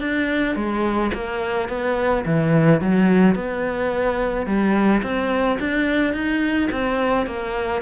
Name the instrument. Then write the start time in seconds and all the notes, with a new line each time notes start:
cello
0.00 D4
0.56 G#3
1.14 A#3
1.69 B3
2.26 E3
2.81 F#3
3.35 B3
4.46 G3
5.03 C4
5.60 D4
6.14 D#4
6.72 C4
7.27 A#3